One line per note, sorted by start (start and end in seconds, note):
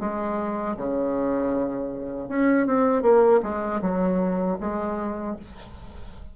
0.00 0.76 G#3
0.77 2.29 C#3
2.29 2.67 C#4
2.67 3.02 C4
3.02 3.40 A#3
3.43 3.81 G#3
3.82 4.58 F#3
4.61 5.36 G#3